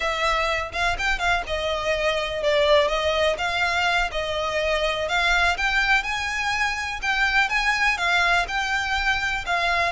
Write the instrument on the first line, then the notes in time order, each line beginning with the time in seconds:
violin
0.00 E5
0.72 F5
0.98 G5
1.18 F5
1.46 D#5
2.42 D5
2.87 D#5
3.38 F5
4.11 D#5
5.08 F5
5.57 G5
6.03 G#5
7.01 G5
7.49 G#5
7.97 F5
8.48 G5
9.46 F5